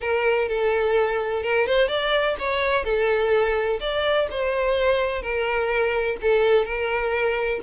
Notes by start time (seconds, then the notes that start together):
0.01 A#4
0.48 A4
1.42 A#4
1.66 C5
1.88 D5
2.38 C#5
2.84 A4
3.79 D5
4.30 C5
5.21 A#4
6.21 A4
6.65 A#4